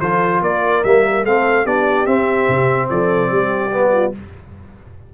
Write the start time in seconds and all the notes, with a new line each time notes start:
0.00 F3 F4 A4 C5
0.41 A#3 A#4 D5
0.83 G3 A#3 E5
1.24 A3 C4 A4 F5
1.64 B3 D4 G4 D5
2.06 C4 E5
2.48 C3
2.89 F3 A4 D5
3.30 G3 G4
3.71 B3
3.92 F4